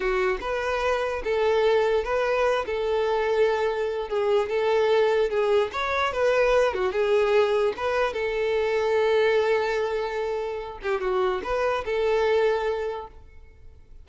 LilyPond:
\new Staff \with { instrumentName = "violin" } { \time 4/4 \tempo 4 = 147 fis'4 b'2 a'4~ | a'4 b'4. a'4.~ | a'2 gis'4 a'4~ | a'4 gis'4 cis''4 b'4~ |
b'8 fis'8 gis'2 b'4 | a'1~ | a'2~ a'8 g'8 fis'4 | b'4 a'2. | }